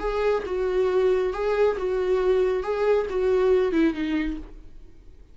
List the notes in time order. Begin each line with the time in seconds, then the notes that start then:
0.00 G#4
0.46 F#4
1.34 G#4
1.78 F#4
2.63 G#4
3.10 F#4
3.72 E4
3.94 D#4